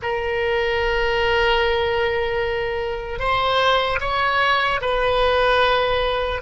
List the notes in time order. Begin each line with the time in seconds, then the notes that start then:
0.02 A#4
3.19 C5
4.00 C#5
4.81 B4